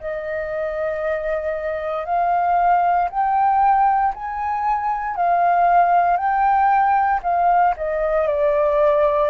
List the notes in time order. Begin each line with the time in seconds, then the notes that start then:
0.00 D#5
2.05 F5
3.10 G5
4.15 G#5
5.16 F5
6.17 G5
7.23 F5
7.77 D#5
8.27 D5